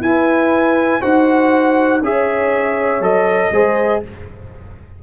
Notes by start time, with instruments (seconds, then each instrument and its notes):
0.00 tuba E4, trombone E4, horn B4, trumpet G#5
1.01 tuba D#4, trombone F#4, horn C5, trumpet F#5
2.01 tuba C#4, trombone G#4, horn C#5, trumpet E5
3.00 tuba F#3, trombone A4, trumpet D#5
3.51 tuba G#3, trombone G#4, horn C5